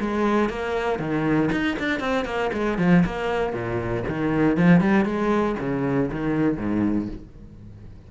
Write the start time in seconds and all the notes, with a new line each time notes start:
0.00 G#3
0.49 A#3
0.99 D#3
1.51 D#4
1.79 D4
2.00 C4
2.25 A#3
2.53 G#3
2.78 F3
3.05 A#3
3.53 A#2
4.08 D#3
4.56 F3
4.80 G3
5.05 G#3
5.59 C#3
6.11 D#3
6.57 G#2